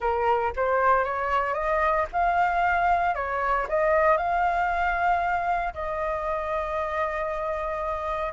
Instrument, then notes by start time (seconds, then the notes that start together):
flute
0.00 A#4
0.56 C5
1.04 C#5
1.54 D#5
2.12 F5
3.14 C#5
3.68 D#5
4.17 F5
5.73 D#5